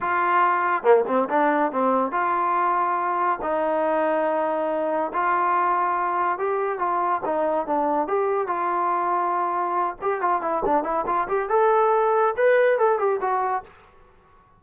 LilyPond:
\new Staff \with { instrumentName = "trombone" } { \time 4/4 \tempo 4 = 141 f'2 ais8 c'8 d'4 | c'4 f'2. | dis'1 | f'2. g'4 |
f'4 dis'4 d'4 g'4 | f'2.~ f'8 g'8 | f'8 e'8 d'8 e'8 f'8 g'8 a'4~ | a'4 b'4 a'8 g'8 fis'4 | }